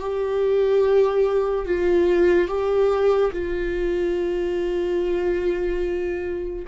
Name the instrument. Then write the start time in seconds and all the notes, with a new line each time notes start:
viola
0.00 G4
1.66 F4
2.48 G4
3.33 F4